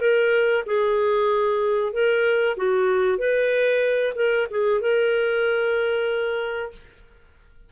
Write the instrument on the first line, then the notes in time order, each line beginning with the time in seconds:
clarinet
0.00 A#4
0.66 G#4
1.92 A#4
2.56 F#4
3.18 B4
4.15 A#4
4.50 G#4
4.80 A#4